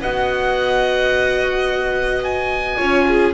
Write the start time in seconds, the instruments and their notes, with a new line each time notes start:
0.00 double bass B3, viola F#4, violin D#5, oboe F#5
2.23 oboe G#5
2.77 double bass C#4, viola F4, violin C#5
3.07 violin G#4